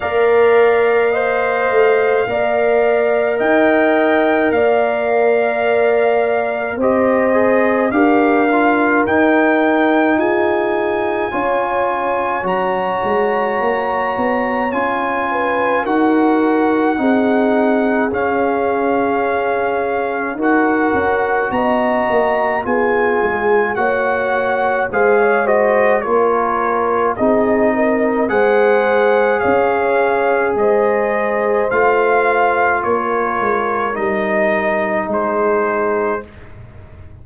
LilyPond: <<
  \new Staff \with { instrumentName = "trumpet" } { \time 4/4 \tempo 4 = 53 f''2. g''4 | f''2 dis''4 f''4 | g''4 gis''2 ais''4~ | ais''4 gis''4 fis''2 |
f''2 fis''4 ais''4 | gis''4 fis''4 f''8 dis''8 cis''4 | dis''4 fis''4 f''4 dis''4 | f''4 cis''4 dis''4 c''4 | }
  \new Staff \with { instrumentName = "horn" } { \time 4/4 d''4 dis''4 d''4 dis''4 | d''2 c''4 ais'4~ | ais'4 gis'4 cis''2~ | cis''4. b'8 ais'4 gis'4~ |
gis'2 ais'4 dis''4 | gis'4 cis''4 c''16 cis''16 c''8 ais'4 | gis'8 ais'8 c''4 cis''4 c''4~ | c''4 ais'2 gis'4 | }
  \new Staff \with { instrumentName = "trombone" } { \time 4/4 ais'4 c''4 ais'2~ | ais'2 g'8 gis'8 g'8 f'8 | dis'2 f'4 fis'4~ | fis'4 f'4 fis'4 dis'4 |
cis'2 fis'2 | f'4 fis'4 gis'8 fis'8 f'4 | dis'4 gis'2. | f'2 dis'2 | }
  \new Staff \with { instrumentName = "tuba" } { \time 4/4 ais4. a8 ais4 dis'4 | ais2 c'4 d'4 | dis'4 f'4 cis'4 fis8 gis8 | ais8 b8 cis'4 dis'4 c'4 |
cis'2 dis'8 cis'8 b8 ais8 | b8 gis8 ais4 gis4 ais4 | c'4 gis4 cis'4 gis4 | a4 ais8 gis8 g4 gis4 | }
>>